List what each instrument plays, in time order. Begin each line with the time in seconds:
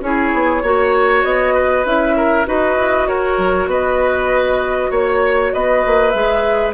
0.00 bassoon C#4, clarinet E4, oboe G#4, flute C#5
0.33 bassoon B3
0.62 bassoon A#3, clarinet F#4, oboe C#5
1.23 bassoon B3, flute D#5
1.54 oboe B4
1.84 bassoon C#4, clarinet E4, flute E5
2.16 oboe A#4
2.45 bassoon D#4, clarinet F#4, oboe B4, flute D#5
2.77 bassoon E4
3.07 bassoon F#4, oboe A#4, flute C#5
3.38 bassoon F#3
3.66 bassoon B3, oboe B4, flute D#5
4.90 bassoon A#3, oboe C#5, flute C#5
5.53 bassoon B3, oboe B4, flute D#5
5.86 bassoon A#3
6.10 bassoon G#3, clarinet G#4, flute E5